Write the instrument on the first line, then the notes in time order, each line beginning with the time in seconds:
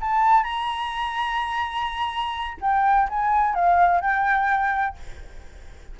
flute
0.00 A5
0.43 A#5
2.60 G5
3.09 G#5
3.54 F5
4.01 G5